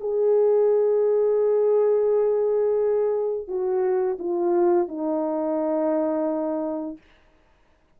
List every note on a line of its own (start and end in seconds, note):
0.00 3.47 G#4
3.47 4.17 F#4
4.19 4.88 F4
4.88 6.97 D#4